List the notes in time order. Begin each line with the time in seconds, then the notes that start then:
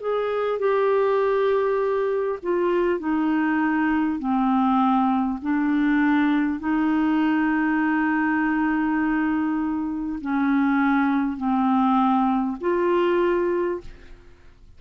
0.00 G#4
0.59 G4
2.43 F4
2.99 D#4
4.19 C4
5.42 D4
6.59 D#4
10.21 C#4
11.37 C4
12.61 F4